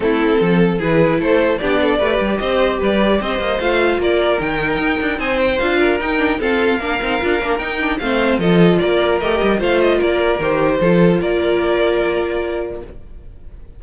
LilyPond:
<<
  \new Staff \with { instrumentName = "violin" } { \time 4/4 \tempo 4 = 150 a'2 b'4 c''4 | d''2 dis''4 d''4 | dis''4 f''4 d''4 g''4~ | g''4 gis''8 g''8 f''4 g''4 |
f''2. g''4 | f''4 dis''4 d''4 dis''4 | f''8 dis''8 d''4 c''2 | d''1 | }
  \new Staff \with { instrumentName = "violin" } { \time 4/4 e'4 a'4 gis'4 a'4 | g'8 a'8 b'4 c''4 b'4 | c''2 ais'2~ | ais'4 c''4. ais'4. |
a'4 ais'2. | c''4 a'4 ais'2 | c''4 ais'2 a'4 | ais'1 | }
  \new Staff \with { instrumentName = "viola" } { \time 4/4 c'2 e'2 | d'4 g'2.~ | g'4 f'2 dis'4~ | dis'2 f'4 dis'8 d'8 |
c'4 d'8 dis'8 f'8 d'8 dis'8 d'8 | c'4 f'2 g'4 | f'2 g'4 f'4~ | f'1 | }
  \new Staff \with { instrumentName = "cello" } { \time 4/4 a4 f4 e4 a4 | b4 a8 g8 c'4 g4 | c'8 ais8 a4 ais4 dis4 | dis'8 d'8 c'4 d'4 dis'4 |
f'4 ais8 c'8 d'8 ais8 dis'4 | a4 f4 ais4 a8 g8 | a4 ais4 dis4 f4 | ais1 | }
>>